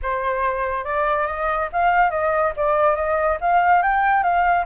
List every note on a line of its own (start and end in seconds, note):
0.02 0.84 C5
0.84 1.26 D5
1.26 1.69 D#5
1.72 2.10 F5
2.10 2.52 D#5
2.56 2.95 D5
2.95 3.37 D#5
3.40 3.82 F5
3.82 4.23 G5
4.23 4.65 F5